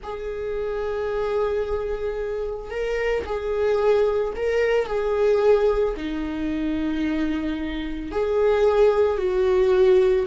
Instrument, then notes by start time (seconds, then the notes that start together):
viola
0.03 G#4
2.70 A#4
3.25 G#4
4.36 A#4
4.86 G#4
5.97 D#4
8.11 G#4
9.17 F#4